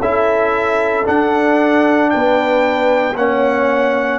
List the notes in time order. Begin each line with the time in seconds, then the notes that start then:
0.00 C#4 E4 A4 E5
1.04 D4 F#5
2.11 B3 B4 G5
3.15 A#3 C#4 C#5 F#5